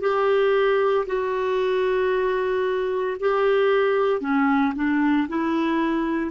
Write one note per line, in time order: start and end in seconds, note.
0.00 1.05 G4
1.06 3.17 F#4
3.20 4.21 G4
4.21 4.73 C#4
4.75 5.28 D4
5.28 6.31 E4